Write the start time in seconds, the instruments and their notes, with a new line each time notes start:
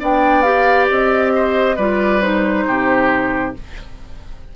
0.00 bassoon B3, clarinet D4, oboe D5, flute G5
0.42 clarinet G4, flute F5
0.90 bassoon C4, flute D#5
1.35 oboe C5
1.76 bassoon G3, clarinet F4, oboe B4, flute D5
2.21 clarinet D#4, flute C5
2.67 bassoon C3, oboe G4